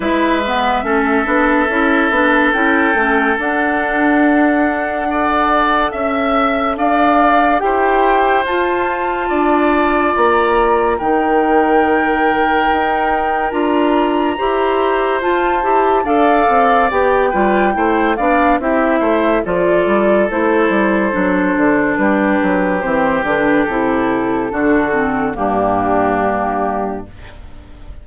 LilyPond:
<<
  \new Staff \with { instrumentName = "flute" } { \time 4/4 \tempo 4 = 71 e''2. g''4 | fis''2. e''4 | f''4 g''4 a''2 | ais''4 g''2. |
ais''2 a''4 f''4 | g''4. f''8 e''4 d''4 | c''2 b'4 c''8 b'8 | a'2 g'2 | }
  \new Staff \with { instrumentName = "oboe" } { \time 4/4 b'4 a'2.~ | a'2 d''4 e''4 | d''4 c''2 d''4~ | d''4 ais'2.~ |
ais'4 c''2 d''4~ | d''8 b'8 c''8 d''8 g'8 c''8 a'4~ | a'2 g'2~ | g'4 fis'4 d'2 | }
  \new Staff \with { instrumentName = "clarinet" } { \time 4/4 e'8 b8 cis'8 d'8 e'8 d'8 e'8 cis'8 | d'2 a'2~ | a'4 g'4 f'2~ | f'4 dis'2. |
f'4 g'4 f'8 g'8 a'4 | g'8 f'8 e'8 d'8 e'4 f'4 | e'4 d'2 c'8 d'8 | e'4 d'8 c'8 ais2 | }
  \new Staff \with { instrumentName = "bassoon" } { \time 4/4 gis4 a8 b8 cis'8 b8 cis'8 a8 | d'2. cis'4 | d'4 e'4 f'4 d'4 | ais4 dis2 dis'4 |
d'4 e'4 f'8 e'8 d'8 c'8 | b8 g8 a8 b8 c'8 a8 f8 g8 | a8 g8 fis8 d8 g8 fis8 e8 d8 | c4 d4 g,2 | }
>>